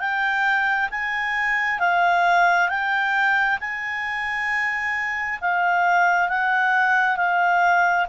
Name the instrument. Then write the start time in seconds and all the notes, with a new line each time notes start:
clarinet
0.00 G5
0.91 G#5
1.80 F5
2.69 G5
3.61 G#5
5.41 F5
6.29 F#5
7.17 F5